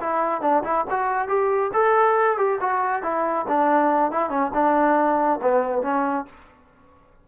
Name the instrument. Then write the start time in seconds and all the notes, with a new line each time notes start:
trombone
0.00 E4
0.41 D4
0.63 E4
0.90 F#4
1.28 G4
1.73 A4
2.37 G4
2.60 F#4
3.03 E4
3.48 D4
4.11 E4
4.29 C#4
4.53 D4
5.42 B3
5.82 C#4